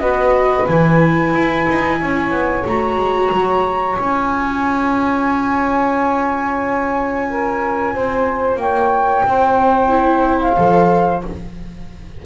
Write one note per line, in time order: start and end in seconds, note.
0.00 0.67 B3
0.00 0.68 F#4
0.00 1.99 B4
0.00 0.66 D#5
0.67 1.34 E3
0.67 2.66 E4
0.67 2.65 G#5
1.34 1.67 E4
1.69 2.02 D#4
2.01 2.31 C#4
2.01 7.29 C#5
2.31 2.64 B3
2.66 2.97 A3
2.66 3.97 F#4
2.66 3.96 A#5
2.97 3.30 G#3
3.32 3.98 F#3
3.96 7.95 C#4
3.96 9.89 F4
3.96 8.58 G#5
7.30 7.94 A#4
7.94 8.57 C4
7.94 8.60 C5
8.57 9.23 A#3
8.57 9.26 C#5
8.57 10.40 G5
9.26 10.58 C4
9.26 11.26 C5
9.89 10.55 E4
10.40 11.23 F5
10.57 11.24 F3
10.57 11.23 A4